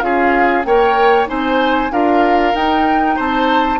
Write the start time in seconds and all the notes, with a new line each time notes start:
0.00 C#4 F4 G#4 F5
0.64 A#3 A#4 C#5 G5
1.26 C4 D#4 C5 G#5
1.91 D4 F4 A#4 F5
2.54 D#4 G5
3.16 C4 C5 A5